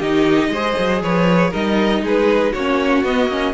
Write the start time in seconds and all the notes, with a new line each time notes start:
0.00 D#3 D#4 G4 D#5
0.49 G#3 G#4 C5
0.79 F#3
1.03 F3 B4 C#5
1.51 G3 D#4 A#4 D#5
2.02 G#3 G#4 B4
2.53 A#3 C#4 F#4 C#5
3.04 B3 D#5
3.28 A#3 C#4